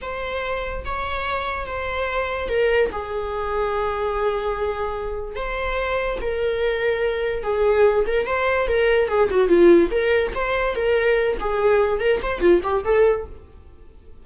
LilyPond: \new Staff \with { instrumentName = "viola" } { \time 4/4 \tempo 4 = 145 c''2 cis''2 | c''2 ais'4 gis'4~ | gis'1~ | gis'4 c''2 ais'4~ |
ais'2 gis'4. ais'8 | c''4 ais'4 gis'8 fis'8 f'4 | ais'4 c''4 ais'4. gis'8~ | gis'4 ais'8 c''8 f'8 g'8 a'4 | }